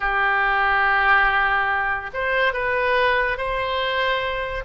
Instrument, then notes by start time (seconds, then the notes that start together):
oboe
0.00 G4
2.14 C5
2.53 B4
3.37 C5